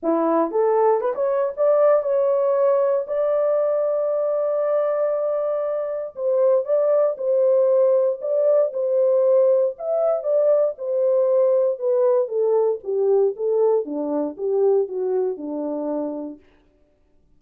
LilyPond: \new Staff \with { instrumentName = "horn" } { \time 4/4 \tempo 4 = 117 e'4 a'4 b'16 cis''8. d''4 | cis''2 d''2~ | d''1 | c''4 d''4 c''2 |
d''4 c''2 e''4 | d''4 c''2 b'4 | a'4 g'4 a'4 d'4 | g'4 fis'4 d'2 | }